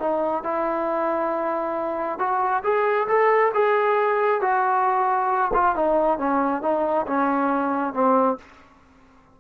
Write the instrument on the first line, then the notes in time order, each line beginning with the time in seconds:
trombone
0.00 D#4
0.44 E4
2.19 F#4
2.64 G#4
3.08 A4
3.54 G#4
4.41 F#4
5.54 F4
5.76 D#4
6.18 C#4
6.62 D#4
7.07 C#4
7.94 C4